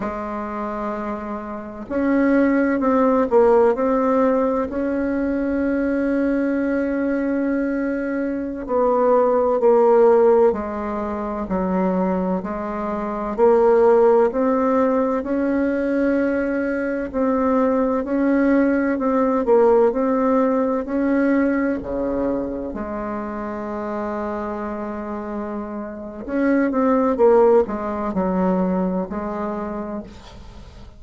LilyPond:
\new Staff \with { instrumentName = "bassoon" } { \time 4/4 \tempo 4 = 64 gis2 cis'4 c'8 ais8 | c'4 cis'2.~ | cis'4~ cis'16 b4 ais4 gis8.~ | gis16 fis4 gis4 ais4 c'8.~ |
c'16 cis'2 c'4 cis'8.~ | cis'16 c'8 ais8 c'4 cis'4 cis8.~ | cis16 gis2.~ gis8. | cis'8 c'8 ais8 gis8 fis4 gis4 | }